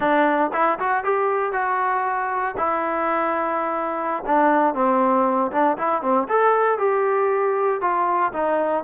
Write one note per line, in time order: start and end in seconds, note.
0.00 0.51 D4
0.53 0.78 E4
0.79 1.04 F#4
1.04 1.52 G4
1.52 2.55 F#4
2.57 4.23 E4
4.26 4.74 D4
4.74 5.51 C4
5.51 5.77 D4
5.77 6.02 E4
6.02 6.27 C4
6.28 6.78 A4
6.78 7.81 G4
7.81 8.32 F4
8.33 8.83 D#4